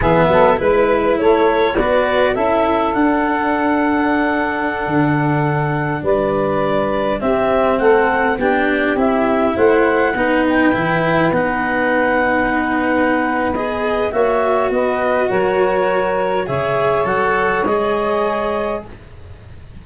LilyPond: <<
  \new Staff \with { instrumentName = "clarinet" } { \time 4/4 \tempo 4 = 102 e''4 b'4 cis''4 d''4 | e''4 fis''2.~ | fis''2~ fis''16 d''4.~ d''16~ | d''16 e''4 fis''4 g''4 e''8.~ |
e''16 fis''4. g''4. fis''8.~ | fis''2. dis''4 | e''4 dis''4 cis''2 | e''4 fis''4 dis''2 | }
  \new Staff \with { instrumentName = "saxophone" } { \time 4/4 gis'8 a'8 b'4 a'4 b'4 | a'1~ | a'2~ a'16 b'4.~ b'16~ | b'16 g'4 a'4 g'4.~ g'16~ |
g'16 c''4 b'2~ b'8.~ | b'1 | cis''4 b'4 ais'2 | cis''1 | }
  \new Staff \with { instrumentName = "cello" } { \time 4/4 b4 e'2 fis'4 | e'4 d'2.~ | d'1~ | d'16 c'2 d'4 e'8.~ |
e'4~ e'16 dis'4 e'4 dis'8.~ | dis'2. gis'4 | fis'1 | gis'4 a'4 gis'2 | }
  \new Staff \with { instrumentName = "tuba" } { \time 4/4 e8 fis8 gis4 a4 b4 | cis'4 d'2.~ | d'16 d2 g4.~ g16~ | g16 c'4 a4 b4 c'8.~ |
c'16 a4 b4 e4 b8.~ | b1 | ais4 b4 fis2 | cis4 fis4 gis2 | }
>>